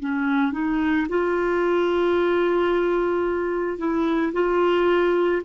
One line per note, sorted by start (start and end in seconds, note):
0.00 0.52 C#4
0.52 1.07 D#4
1.09 3.78 F4
3.78 4.32 E4
4.33 5.42 F4